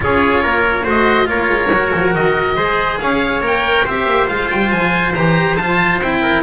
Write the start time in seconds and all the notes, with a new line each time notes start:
0.00 C#4 F4 G#4 C#5
0.42 A#3 A#4
0.83 A3 F#4 C5 D#5
1.25 A#3 F4 A#4 C#5
1.49 G#3
1.70 F#3 F#4
1.94 F3
2.14 D#3 D#5
2.56 G#3 G#4 C5
2.99 C#4 C#5 F5
3.41 A#3 A#4 G5
3.84 C4 G4 C5 E5
4.05 A#3
4.27 G#3 F4 F5
4.50 G3 G5
4.70 F3 G#5
5.14 E3 G4 A#5
5.56 F3 F4 A5
5.98 C4 E4 G5
6.21 A#4